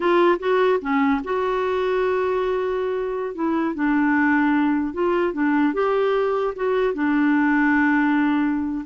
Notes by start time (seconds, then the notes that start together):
0.00 F4
0.39 F#4
0.81 C#4
1.24 F#4
3.34 E4
3.74 D4
4.93 F4
5.33 D4
5.73 G4
6.55 F#4
6.94 D4